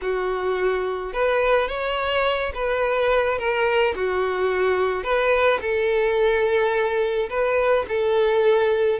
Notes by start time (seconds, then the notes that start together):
0.01 F#4
1.13 B4
1.68 C#5
2.54 B4
3.38 A#4
3.95 F#4
5.03 B4
5.61 A4
7.29 B4
7.88 A4